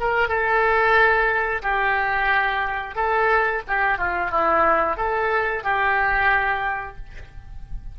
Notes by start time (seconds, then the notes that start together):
0.00 A#4
0.28 A4
1.62 G4
2.95 A4
3.67 G4
3.98 F4
4.31 E4
4.97 A4
5.63 G4